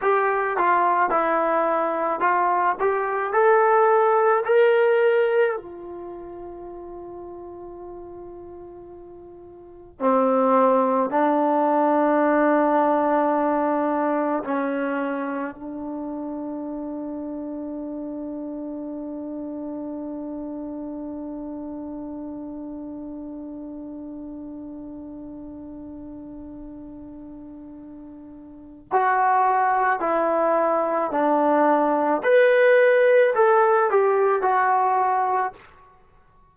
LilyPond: \new Staff \with { instrumentName = "trombone" } { \time 4/4 \tempo 4 = 54 g'8 f'8 e'4 f'8 g'8 a'4 | ais'4 f'2.~ | f'4 c'4 d'2~ | d'4 cis'4 d'2~ |
d'1~ | d'1~ | d'2 fis'4 e'4 | d'4 b'4 a'8 g'8 fis'4 | }